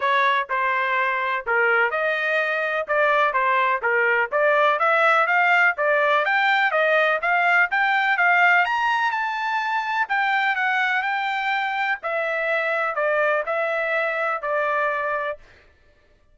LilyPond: \new Staff \with { instrumentName = "trumpet" } { \time 4/4 \tempo 4 = 125 cis''4 c''2 ais'4 | dis''2 d''4 c''4 | ais'4 d''4 e''4 f''4 | d''4 g''4 dis''4 f''4 |
g''4 f''4 ais''4 a''4~ | a''4 g''4 fis''4 g''4~ | g''4 e''2 d''4 | e''2 d''2 | }